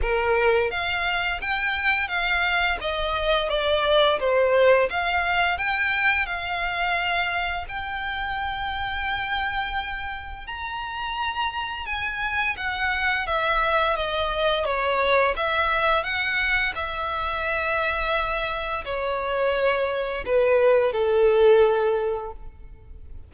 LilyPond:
\new Staff \with { instrumentName = "violin" } { \time 4/4 \tempo 4 = 86 ais'4 f''4 g''4 f''4 | dis''4 d''4 c''4 f''4 | g''4 f''2 g''4~ | g''2. ais''4~ |
ais''4 gis''4 fis''4 e''4 | dis''4 cis''4 e''4 fis''4 | e''2. cis''4~ | cis''4 b'4 a'2 | }